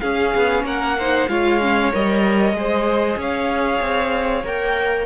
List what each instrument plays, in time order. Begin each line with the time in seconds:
0.00 viola C#4, cello C#4, violin G#4 F5
0.35 cello B3
0.63 cello A#3, violin A#4 F#5
0.98 viola D#4, violin C5
1.29 cello G#3, viola F4, violin C#5 F5
1.61 viola C#4
1.92 cello G3, viola A#4, violin D#5
2.53 cello G#3, viola G#4, violin C5
3.17 cello C#4, violin C#5 F5
3.81 cello C4
4.44 cello A#3, viola A#4, violin G5